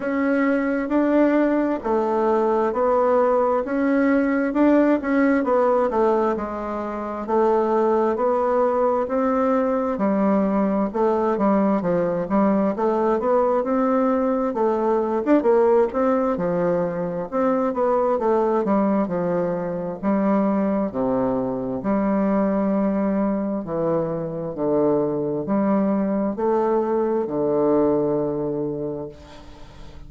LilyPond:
\new Staff \with { instrumentName = "bassoon" } { \time 4/4 \tempo 4 = 66 cis'4 d'4 a4 b4 | cis'4 d'8 cis'8 b8 a8 gis4 | a4 b4 c'4 g4 | a8 g8 f8 g8 a8 b8 c'4 |
a8. d'16 ais8 c'8 f4 c'8 b8 | a8 g8 f4 g4 c4 | g2 e4 d4 | g4 a4 d2 | }